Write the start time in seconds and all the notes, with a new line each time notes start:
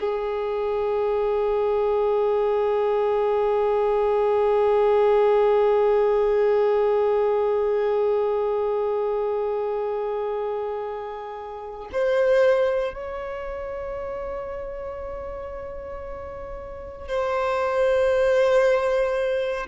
0.00 G#4
11.92 C5
12.94 C#5
17.08 C5